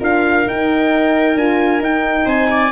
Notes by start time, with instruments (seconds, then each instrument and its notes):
0.00 tuba D4, horn F4, viola A#4, trumpet F5
0.47 tuba D#4, horn D#4, trumpet G5
1.36 tuba D4, horn F4, trumpet G#5
1.80 tuba D#4, horn D#4, trumpet G5
2.26 tuba C4, viola C5, trumpet G#5
2.51 viola D5